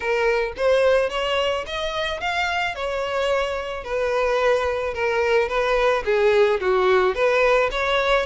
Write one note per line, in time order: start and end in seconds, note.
0.00 0.53 A#4
0.56 1.09 C5
1.09 1.64 C#5
1.66 2.20 D#5
2.20 2.75 F5
2.75 3.84 C#5
3.84 4.94 B4
4.94 5.48 A#4
5.48 6.03 B4
6.04 6.59 G#4
6.60 7.15 F#4
7.15 7.70 B4
7.71 8.26 C#5